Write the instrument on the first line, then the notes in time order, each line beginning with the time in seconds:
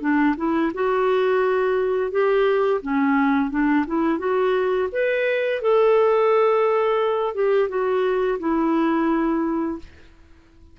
clarinet
0.00 D4
0.37 E4
0.74 F#4
2.11 G4
2.81 C#4
3.50 D4
3.86 E4
4.18 F#4
4.92 B4
5.61 A4
7.34 G4
7.68 F#4
8.39 E4